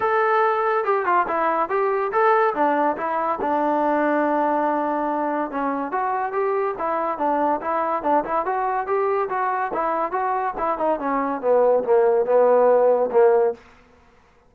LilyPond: \new Staff \with { instrumentName = "trombone" } { \time 4/4 \tempo 4 = 142 a'2 g'8 f'8 e'4 | g'4 a'4 d'4 e'4 | d'1~ | d'4 cis'4 fis'4 g'4 |
e'4 d'4 e'4 d'8 e'8 | fis'4 g'4 fis'4 e'4 | fis'4 e'8 dis'8 cis'4 b4 | ais4 b2 ais4 | }